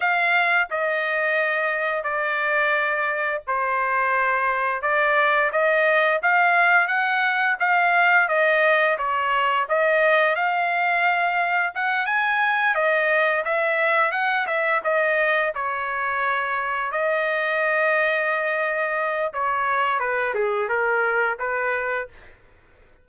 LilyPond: \new Staff \with { instrumentName = "trumpet" } { \time 4/4 \tempo 4 = 87 f''4 dis''2 d''4~ | d''4 c''2 d''4 | dis''4 f''4 fis''4 f''4 | dis''4 cis''4 dis''4 f''4~ |
f''4 fis''8 gis''4 dis''4 e''8~ | e''8 fis''8 e''8 dis''4 cis''4.~ | cis''8 dis''2.~ dis''8 | cis''4 b'8 gis'8 ais'4 b'4 | }